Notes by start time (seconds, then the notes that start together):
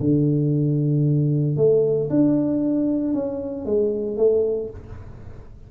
0.00 D3
1.57 A3
2.10 D4
3.14 C#4
3.66 G#3
4.17 A3